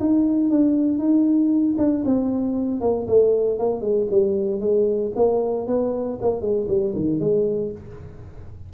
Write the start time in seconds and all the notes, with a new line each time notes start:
0.00 D#4
0.50 D4
0.99 D#4
1.78 D4
2.05 C4
2.81 A#3
3.08 A3
3.59 A#3
3.81 G#3
4.11 G3
4.60 G#3
5.16 A#3
5.67 B3
6.22 A#3
6.41 G#3
6.69 G3
6.95 D#3
7.20 G#3